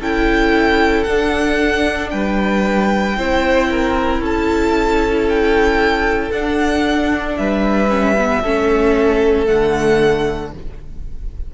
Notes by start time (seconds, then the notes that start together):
0.00 C#4 E4 A4 G5
1.04 D4 F#5
2.10 G3 B4 G5
3.17 C4 E4 C5
3.71 A#4
4.20 C#4 A4 A5
5.30 G5
6.31 D4 F#5
7.37 G3 B4 E5
7.89 C#4
8.18 B3
8.41 A3 C#4 A4
9.46 D3 A3 F#5